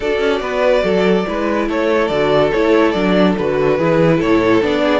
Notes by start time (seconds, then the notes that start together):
0.00 D4 F#4 A4 D5
0.20 C#4
0.40 B3 B4
0.83 F#3 A4
1.26 G#3 E4 B4
1.68 A3 A4 C#5
2.08 D3 F#4 D5
2.52 A3 E4 C#5
2.91 F#3 D4 D5
3.37 D3 F#4 B4
3.77 E3 E4 G#4
4.17 A2 A4 C#5
4.61 B3 D4 D5
4.83 G#4